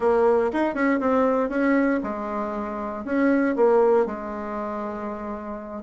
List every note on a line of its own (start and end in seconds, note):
0.00 0.51 A#3
0.52 0.74 D#4
0.74 0.99 C#4
1.00 1.49 C4
1.49 1.99 C#4
2.03 3.04 G#3
3.04 3.55 C#4
3.56 4.06 A#3
4.06 5.82 G#3